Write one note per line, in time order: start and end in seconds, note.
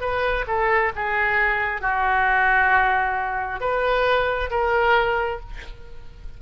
0.00 0.45 B4
0.47 0.92 A4
0.95 1.81 G#4
1.81 3.60 F#4
3.60 4.50 B4
4.50 5.40 A#4